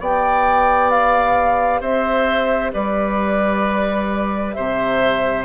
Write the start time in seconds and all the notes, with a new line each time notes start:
0.00 B3 G4 D5 G5
0.91 F5
1.81 C4 C5 E5
2.73 G3 B4 D5
4.53 C3 C5 E5